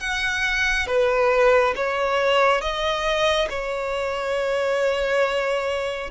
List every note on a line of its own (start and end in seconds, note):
0.00 0.87 F#5
0.87 1.74 B4
1.75 2.61 C#5
2.61 3.48 D#5
3.49 6.10 C#5